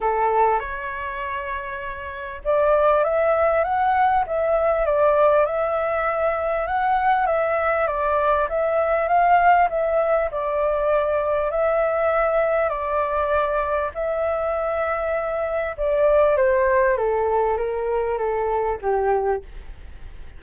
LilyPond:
\new Staff \with { instrumentName = "flute" } { \time 4/4 \tempo 4 = 99 a'4 cis''2. | d''4 e''4 fis''4 e''4 | d''4 e''2 fis''4 | e''4 d''4 e''4 f''4 |
e''4 d''2 e''4~ | e''4 d''2 e''4~ | e''2 d''4 c''4 | a'4 ais'4 a'4 g'4 | }